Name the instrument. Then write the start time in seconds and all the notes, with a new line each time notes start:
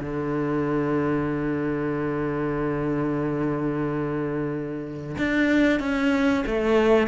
cello
0.00 D3
5.18 D4
5.80 C#4
6.47 A3